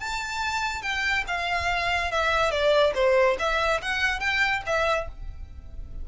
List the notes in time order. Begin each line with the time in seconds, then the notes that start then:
0.00 A5
0.82 G5
1.28 F5
2.12 E5
2.51 D5
2.95 C5
3.39 E5
3.82 F#5
4.20 G5
4.67 E5